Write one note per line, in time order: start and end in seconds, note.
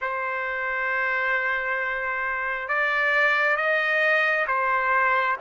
0.01 2.68 C5
2.68 3.56 D5
3.56 4.45 D#5
4.47 5.36 C5